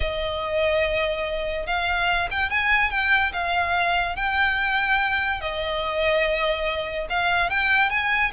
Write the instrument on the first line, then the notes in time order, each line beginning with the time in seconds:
violin
0.00 D#5
1.66 F5
2.30 G5
2.50 G#5
2.90 G5
3.32 F5
4.16 G5
5.41 D#5
7.09 F5
7.49 G5
7.90 G#5